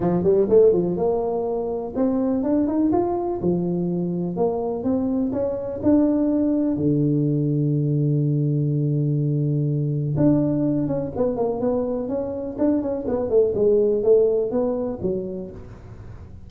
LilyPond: \new Staff \with { instrumentName = "tuba" } { \time 4/4 \tempo 4 = 124 f8 g8 a8 f8 ais2 | c'4 d'8 dis'8 f'4 f4~ | f4 ais4 c'4 cis'4 | d'2 d2~ |
d1~ | d4 d'4. cis'8 b8 ais8 | b4 cis'4 d'8 cis'8 b8 a8 | gis4 a4 b4 fis4 | }